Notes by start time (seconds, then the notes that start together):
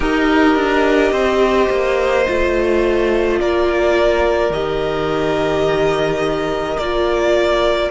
0.00 D#4 G4 A#4 D#5
0.55 D4
1.11 C4 C5
1.69 A#3
2.25 A3 F4
3.40 A#3 A#4 D5
4.49 D#3 G4 D#5
6.78 A#3 F4 D5